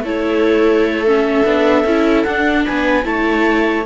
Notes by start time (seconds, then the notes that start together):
0.00 A3 E4 A4 C#5
1.06 C#4 E5
1.44 B3 D4
1.84 C#4 E4
2.23 D4 F#5
2.65 B3 B4 G#5
3.03 A3 E4 C#5 A5